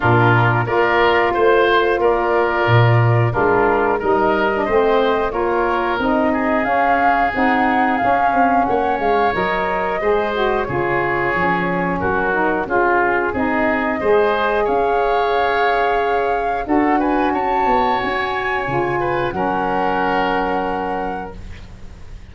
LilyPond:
<<
  \new Staff \with { instrumentName = "flute" } { \time 4/4 \tempo 4 = 90 ais'4 d''4 c''4 d''4~ | d''4 ais'4 dis''2 | cis''4 dis''4 f''4 fis''4 | f''4 fis''8 f''8 dis''2 |
cis''2 ais'4 gis'4 | dis''2 f''2~ | f''4 fis''8 gis''8 a''4 gis''4~ | gis''4 fis''2. | }
  \new Staff \with { instrumentName = "oboe" } { \time 4/4 f'4 ais'4 c''4 ais'4~ | ais'4 f'4 ais'4 c''4 | ais'4. gis'2~ gis'8~ | gis'4 cis''2 c''4 |
gis'2 fis'4 f'4 | gis'4 c''4 cis''2~ | cis''4 a'8 b'8 cis''2~ | cis''8 b'8 ais'2. | }
  \new Staff \with { instrumentName = "saxophone" } { \time 4/4 d'4 f'2.~ | f'4 d'4 dis'8. d'16 c'4 | f'4 dis'4 cis'4 dis'4 | cis'2 ais'4 gis'8 fis'8 |
f'4 cis'4. dis'8 f'4 | dis'4 gis'2.~ | gis'4 fis'2. | f'4 cis'2. | }
  \new Staff \with { instrumentName = "tuba" } { \time 4/4 ais,4 ais4 a4 ais4 | ais,4 gis4 g4 a4 | ais4 c'4 cis'4 c'4 | cis'8 c'8 ais8 gis8 fis4 gis4 |
cis4 f4 fis4 cis'4 | c'4 gis4 cis'2~ | cis'4 d'4 cis'8 b8 cis'4 | cis4 fis2. | }
>>